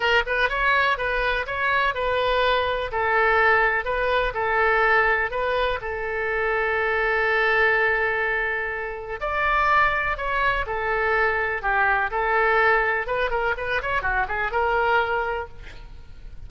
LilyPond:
\new Staff \with { instrumentName = "oboe" } { \time 4/4 \tempo 4 = 124 ais'8 b'8 cis''4 b'4 cis''4 | b'2 a'2 | b'4 a'2 b'4 | a'1~ |
a'2. d''4~ | d''4 cis''4 a'2 | g'4 a'2 b'8 ais'8 | b'8 cis''8 fis'8 gis'8 ais'2 | }